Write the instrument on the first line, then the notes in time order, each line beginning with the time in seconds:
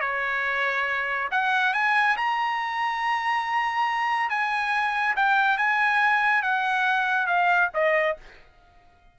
trumpet
0.00 C#5
1.31 F#5
1.73 G#5
2.17 A#5
4.29 G#5
5.16 G5
5.58 G#5
6.42 F#5
7.27 F5
7.74 D#5